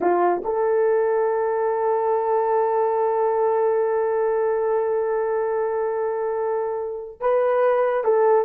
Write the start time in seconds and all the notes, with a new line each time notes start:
0.00 F4
0.44 A4
7.20 B4
8.04 A4